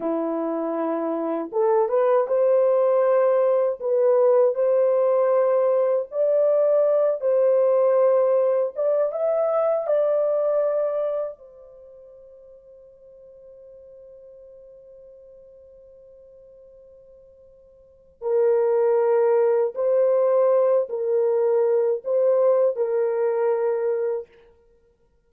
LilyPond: \new Staff \with { instrumentName = "horn" } { \time 4/4 \tempo 4 = 79 e'2 a'8 b'8 c''4~ | c''4 b'4 c''2 | d''4. c''2 d''8 | e''4 d''2 c''4~ |
c''1~ | c''1 | ais'2 c''4. ais'8~ | ais'4 c''4 ais'2 | }